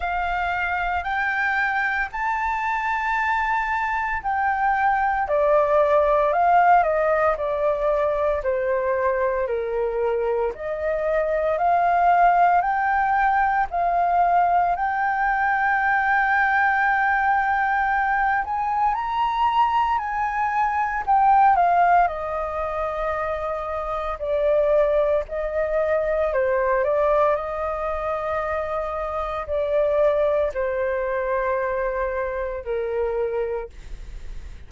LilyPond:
\new Staff \with { instrumentName = "flute" } { \time 4/4 \tempo 4 = 57 f''4 g''4 a''2 | g''4 d''4 f''8 dis''8 d''4 | c''4 ais'4 dis''4 f''4 | g''4 f''4 g''2~ |
g''4. gis''8 ais''4 gis''4 | g''8 f''8 dis''2 d''4 | dis''4 c''8 d''8 dis''2 | d''4 c''2 ais'4 | }